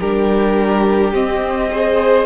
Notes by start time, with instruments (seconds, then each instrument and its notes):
0.00 cello G3, viola D4, violin G4 A#4
1.12 cello C4, viola C4, violin D#5
1.71 viola G#4, violin C5